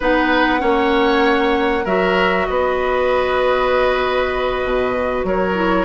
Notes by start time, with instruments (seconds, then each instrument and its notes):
0.00 bassoon B3, clarinet D#4, oboe B4, flute F#5
0.58 bassoon A#3, clarinet C#4, oboe C#5
1.84 bassoon F#3, clarinet F#4, oboe A#4, flute E5
2.46 bassoon B3, oboe B4, flute D#5
4.64 bassoon B2
5.24 bassoon F#3, oboe A#4, flute C#5
5.54 clarinet E4